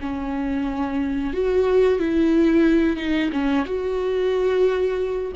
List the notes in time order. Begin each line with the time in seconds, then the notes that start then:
0.00 C#4
1.33 F#4
1.98 E4
2.96 D#4
3.32 C#4
3.65 F#4